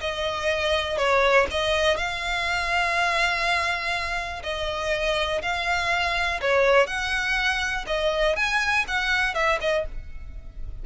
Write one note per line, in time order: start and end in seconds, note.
0.00 0.97 D#5
0.97 1.46 C#5
1.51 1.96 D#5
1.96 4.42 F5
4.43 5.41 D#5
5.42 6.40 F5
6.41 6.86 C#5
6.86 7.85 F#5
7.86 8.36 D#5
8.36 8.85 G#5
8.87 9.34 F#5
9.34 9.59 E5
9.61 9.85 D#5